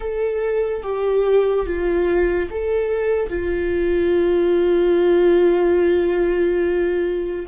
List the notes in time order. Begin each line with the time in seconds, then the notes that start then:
0.00 A4
0.83 G4
1.66 F4
2.50 A4
3.29 F4